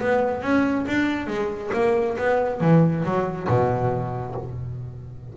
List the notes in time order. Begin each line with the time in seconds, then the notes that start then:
0.00 B3
0.42 C#4
0.88 D4
1.27 G#3
1.74 A#3
2.18 B3
2.61 E3
3.05 F#3
3.48 B2